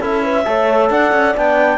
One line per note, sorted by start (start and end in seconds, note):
0.00 0.45 C#4
0.00 0.44 E4
0.00 0.22 A4
0.00 0.90 E5
0.22 0.45 B4
0.44 0.90 A3
0.44 1.34 A4
0.44 0.91 C#5
0.90 1.12 D4
0.90 1.78 D5
0.90 1.35 F#5
1.12 1.34 C#4
1.36 1.78 B3
1.36 1.78 D4
1.36 1.78 G5